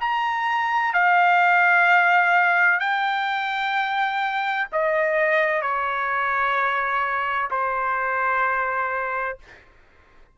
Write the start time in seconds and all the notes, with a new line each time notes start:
0.00 A#5
0.93 F5
2.80 G5
4.73 D#5
5.62 C#5
7.51 C5